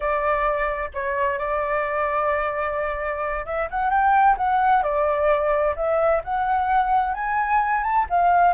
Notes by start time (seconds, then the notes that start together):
0.00 D5
0.94 C#5
1.38 D5
3.45 E5
3.70 F#5
3.90 G5
4.37 F#5
4.82 D5
5.76 E5
6.23 F#5
7.14 G#5
7.83 A5
8.09 F5